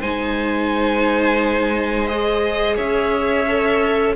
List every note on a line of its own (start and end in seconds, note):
0.00 2.78 G#3
0.00 2.09 D#4
0.00 2.76 C5
0.00 2.07 G#5
2.07 3.47 G#4
2.07 2.76 D#5
2.76 4.16 C#4
2.76 4.14 C#5
2.76 4.16 E5
3.48 4.16 A4